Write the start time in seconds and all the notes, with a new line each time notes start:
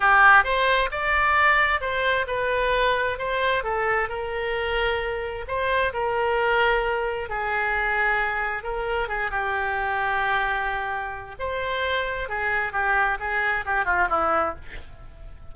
0.00 G4
0.44 C5
0.91 D5
1.80 C5
2.27 B4
3.18 C5
3.63 A4
4.08 A#4
5.47 C5
5.93 A#4
7.29 G#4
8.63 A#4
9.08 G#4
9.30 G4
11.39 C5
12.29 G#4
12.72 G4
13.19 G#4
13.65 G4
13.85 F4
14.09 E4